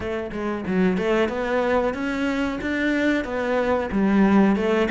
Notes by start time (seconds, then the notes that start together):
0.00 A3
0.31 G#3
0.67 F#3
0.97 A3
1.28 B3
1.94 C#4
2.61 D4
3.24 B3
3.91 G3
4.56 A3